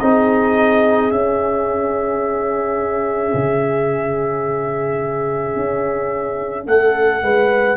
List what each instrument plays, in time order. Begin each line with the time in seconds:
0.00 tuba C4, trombone D#4, horn G#4, trumpet D#5
1.11 tuba C#4, trombone C#4, trumpet E5
3.34 tuba C#3
5.56 tuba C#4
6.67 tuba A3, horn A4, trumpet F#5
7.23 tuba G#3, horn B4